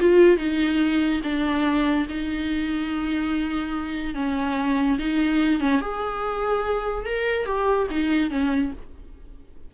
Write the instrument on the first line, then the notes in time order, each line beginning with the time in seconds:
viola
0.00 F4
0.38 D#4
1.23 D4
2.09 D#4
4.15 C#4
4.99 D#4
5.60 C#4
5.81 G#4
7.06 A#4
7.46 G4
7.90 D#4
8.30 C#4